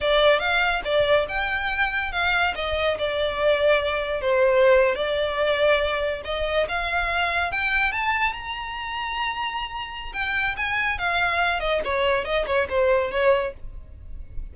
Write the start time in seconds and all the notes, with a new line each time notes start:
0.00 D5
0.39 F5
0.84 D5
1.28 G5
2.12 F5
2.55 D#5
2.98 D5
4.21 C5
4.95 D5
6.24 D#5
6.68 F5
7.51 G5
7.92 A5
8.32 A#5
10.13 G5
10.56 G#5
10.98 F5
11.60 D#5
11.84 C#5
12.24 D#5
12.46 C#5
12.69 C5
13.11 C#5